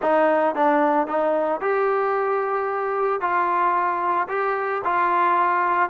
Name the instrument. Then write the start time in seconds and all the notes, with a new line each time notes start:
trombone
0.01 D#4
0.55 D4
1.07 D#4
1.60 G4
3.20 F4
4.28 G4
4.84 F4